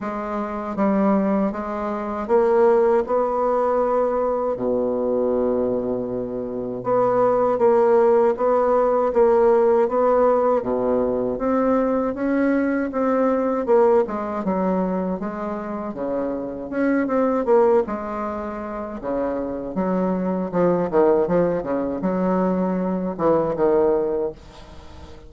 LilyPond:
\new Staff \with { instrumentName = "bassoon" } { \time 4/4 \tempo 4 = 79 gis4 g4 gis4 ais4 | b2 b,2~ | b,4 b4 ais4 b4 | ais4 b4 b,4 c'4 |
cis'4 c'4 ais8 gis8 fis4 | gis4 cis4 cis'8 c'8 ais8 gis8~ | gis4 cis4 fis4 f8 dis8 | f8 cis8 fis4. e8 dis4 | }